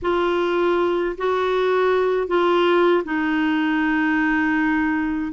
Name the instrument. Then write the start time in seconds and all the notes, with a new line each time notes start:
clarinet
0.02 F4
1.17 F#4
2.28 F4
3.04 D#4